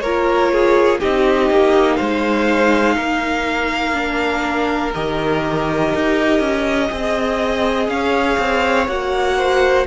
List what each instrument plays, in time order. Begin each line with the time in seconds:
0.00 cello A#3, viola F4, violin A#4 C#5
0.52 violin G#4
1.00 cello C4, viola D#4, violin G4 D#5
1.50 cello A#3
1.96 cello G#3, violin C5 F5
2.96 cello A#3, violin A#4
3.93 viola D4
4.94 cello D#3, viola G4, violin D#5
5.95 cello D#4
6.40 cello C#4
6.89 cello C4, viola G#4, violin D#5
7.88 cello C#4, violin C#5 F5
8.39 cello C4
8.87 cello A#3, viola F#4, violin F#5
9.38 violin C5